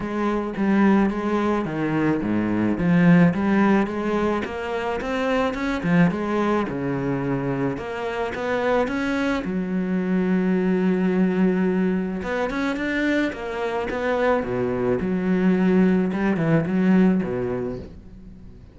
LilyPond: \new Staff \with { instrumentName = "cello" } { \time 4/4 \tempo 4 = 108 gis4 g4 gis4 dis4 | gis,4 f4 g4 gis4 | ais4 c'4 cis'8 f8 gis4 | cis2 ais4 b4 |
cis'4 fis2.~ | fis2 b8 cis'8 d'4 | ais4 b4 b,4 fis4~ | fis4 g8 e8 fis4 b,4 | }